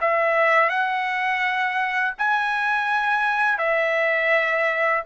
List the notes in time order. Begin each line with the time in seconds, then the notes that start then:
0.00 E5
0.69 F#5
2.18 G#5
3.58 E5